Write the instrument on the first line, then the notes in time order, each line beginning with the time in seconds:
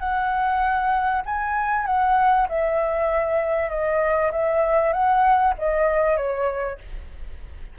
flute
0.00 F#5
1.26 G#5
1.86 F#5
2.49 E5
3.70 D#5
4.32 E5
4.93 F#5
5.58 D#5
6.17 C#5